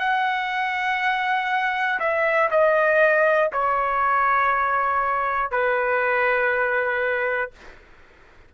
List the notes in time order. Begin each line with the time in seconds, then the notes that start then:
0.00 F#5
2.00 E5
2.51 D#5
3.53 C#5
5.51 B4